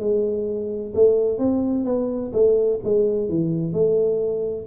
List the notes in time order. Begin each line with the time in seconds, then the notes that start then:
0.00 G#3
0.95 A3
1.39 C4
1.85 B3
2.33 A3
2.84 G#3
3.29 E3
3.73 A3